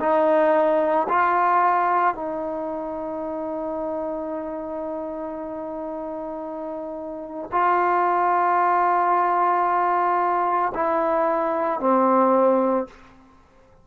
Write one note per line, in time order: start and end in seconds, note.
0.00 1.07 D#4
1.09 2.15 F4
2.15 7.50 D#4
7.51 10.73 F4
10.74 11.80 E4
11.80 12.87 C4